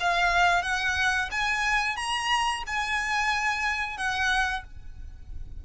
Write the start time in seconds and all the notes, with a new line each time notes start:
0.00 F5
0.62 F#5
1.31 G#5
1.96 A#5
2.67 G#5
3.97 F#5